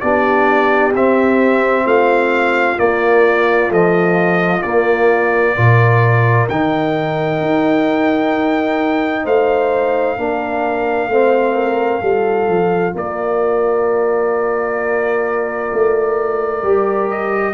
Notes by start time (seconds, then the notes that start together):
0.00 B3 D4 G4 D5
0.95 C4 E5
1.85 A3 F4 F5
2.77 A#3 D5
3.69 F3 A3 D#5
4.62 A#3 D5
5.55 A#2 F4 A#4
6.49 D#3 D#4 G5
7.41 D#4
9.24 A3 C5 F5
10.17 A#3 D4 A#4
11.07 A3 C4 C5
11.55 A#4
12.01 G3 F4 A4
12.48 F3
12.94 A#3 A#4 D5
15.73 A3
16.63 G3 G4
17.10 D#5